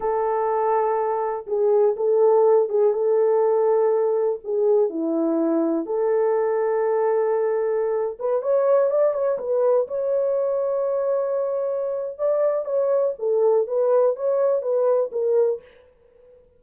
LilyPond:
\new Staff \with { instrumentName = "horn" } { \time 4/4 \tempo 4 = 123 a'2. gis'4 | a'4. gis'8 a'2~ | a'4 gis'4 e'2 | a'1~ |
a'8. b'8 cis''4 d''8 cis''8 b'8.~ | b'16 cis''2.~ cis''8.~ | cis''4 d''4 cis''4 a'4 | b'4 cis''4 b'4 ais'4 | }